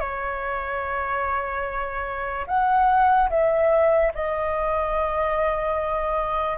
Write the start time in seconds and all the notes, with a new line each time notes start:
0.00 C#5
2.48 F#5
3.31 E5
4.15 D#5